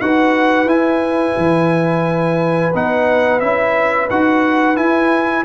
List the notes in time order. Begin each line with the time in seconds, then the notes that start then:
0.00 D#4 F#4 B4 F#5
0.64 E4 G#5
1.37 E3
2.74 B3 D#4 F#5
3.39 C#4 E4 E5
4.09 D#4 F#4 F#5
4.75 E4 G#5